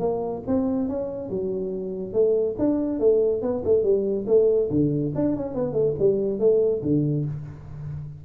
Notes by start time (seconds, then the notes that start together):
0.00 A#3
0.48 C4
0.89 C#4
1.30 F#3
2.14 A3
2.59 D4
3.00 A3
3.42 B3
3.65 A3
3.84 G3
4.27 A3
4.71 D3
5.15 D4
5.36 C#4
5.55 B3
5.73 A3
5.99 G3
6.40 A3
6.83 D3